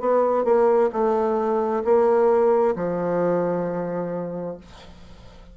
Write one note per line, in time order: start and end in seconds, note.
0.00 0.44 B3
0.44 0.90 A#3
0.92 1.83 A3
1.84 2.75 A#3
2.76 4.57 F3